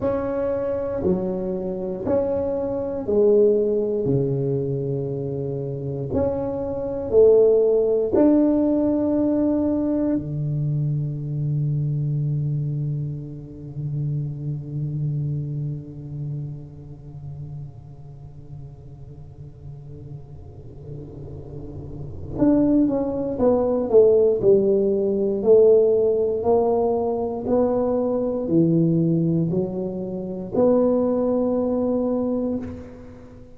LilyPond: \new Staff \with { instrumentName = "tuba" } { \time 4/4 \tempo 4 = 59 cis'4 fis4 cis'4 gis4 | cis2 cis'4 a4 | d'2 d2~ | d1~ |
d1~ | d2 d'8 cis'8 b8 a8 | g4 a4 ais4 b4 | e4 fis4 b2 | }